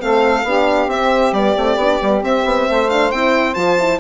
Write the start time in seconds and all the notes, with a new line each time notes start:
0.00 A3 C4 A4 F5
0.44 B3 D4 G4
0.87 C4 E5
1.33 G3 B3 D5
1.56 A3 C4
1.77 B3 D4
2.01 G3 B3
2.22 C4 E5
2.45 B3
2.70 A3 C5
2.90 D4 F5
3.11 C4 E4 G5
3.55 F3 F4 A5
3.80 E4